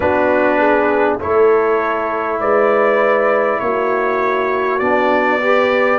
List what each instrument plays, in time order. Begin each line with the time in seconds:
0.00 tuba B3, trombone D4, horn F#4, trumpet B4
0.58 horn G#4
1.19 tuba A3, trombone E4, horn A4, trumpet C#5
2.40 tuba G#3, horn B4, trumpet D5
3.59 tuba A#3, horn F#4, trumpet C#5
4.78 tuba B3, trombone D4, trumpet D5
5.41 trombone G4, horn B4